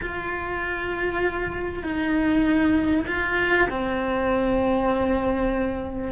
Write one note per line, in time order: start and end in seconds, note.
0.02 1.83 F4
1.83 3.05 D#4
3.07 3.68 F4
3.69 6.11 C4